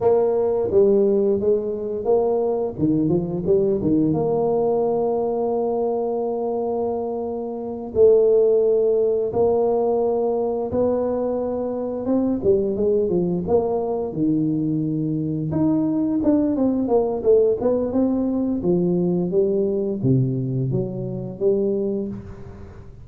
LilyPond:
\new Staff \with { instrumentName = "tuba" } { \time 4/4 \tempo 4 = 87 ais4 g4 gis4 ais4 | dis8 f8 g8 dis8 ais2~ | ais2.~ ais8 a8~ | a4. ais2 b8~ |
b4. c'8 g8 gis8 f8 ais8~ | ais8 dis2 dis'4 d'8 | c'8 ais8 a8 b8 c'4 f4 | g4 c4 fis4 g4 | }